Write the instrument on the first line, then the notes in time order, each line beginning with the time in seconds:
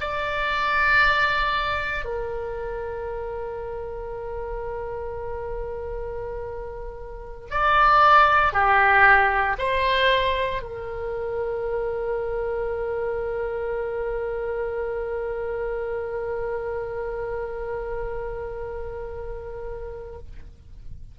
oboe
0.00 D5
2.05 A#4
7.50 D5
8.53 G4
9.58 C5
10.62 A#4